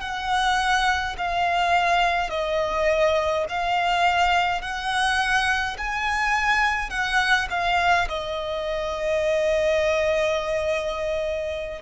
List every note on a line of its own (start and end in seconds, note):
0.00 1.15 F#5
1.18 2.30 F5
2.30 3.45 D#5
3.49 4.62 F5
4.62 5.77 F#5
5.77 6.90 G#5
6.90 7.47 F#5
7.50 8.08 F5
8.08 11.82 D#5